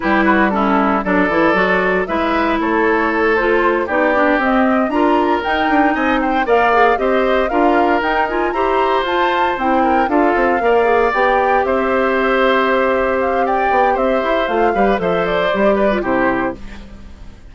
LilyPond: <<
  \new Staff \with { instrumentName = "flute" } { \time 4/4 \tempo 4 = 116 b'4 a'4 d''2 | e''4 cis''4. c''4 d''8~ | d''8 dis''4 ais''4 g''4 gis''8 | g''8 f''4 dis''4 f''4 g''8 |
gis''8 ais''4 a''4 g''4 f''8~ | f''4. g''4 e''4.~ | e''4. f''8 g''4 e''4 | f''4 e''8 d''4. c''4 | }
  \new Staff \with { instrumentName = "oboe" } { \time 4/4 g'8 fis'8 e'4 a'2 | b'4 a'2~ a'8 g'8~ | g'4. ais'2 dis''8 | c''8 d''4 c''4 ais'4.~ |
ais'8 c''2~ c''8 ais'8 a'8~ | a'8 d''2 c''4.~ | c''2 d''4 c''4~ | c''8 b'8 c''4. b'8 g'4 | }
  \new Staff \with { instrumentName = "clarinet" } { \time 4/4 e'4 cis'4 d'8 e'8 fis'4 | e'2~ e'8 f'4 dis'8 | d'8 c'4 f'4 dis'4.~ | dis'8 ais'8 gis'8 g'4 f'4 dis'8 |
f'8 g'4 f'4 e'4 f'8~ | f'8 ais'8 gis'8 g'2~ g'8~ | g'1 | f'8 g'8 a'4 g'8. f'16 e'4 | }
  \new Staff \with { instrumentName = "bassoon" } { \time 4/4 g2 fis8 e8 fis4 | gis4 a2~ a8 b8~ | b8 c'4 d'4 dis'8 d'8 c'8~ | c'8 ais4 c'4 d'4 dis'8~ |
dis'8 e'4 f'4 c'4 d'8 | c'8 ais4 b4 c'4.~ | c'2~ c'8 b8 c'8 e'8 | a8 g8 f4 g4 c4 | }
>>